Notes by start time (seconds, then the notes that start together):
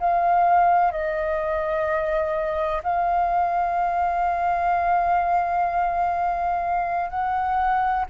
0.00 F5
0.92 D#5
2.84 F5
7.10 F#5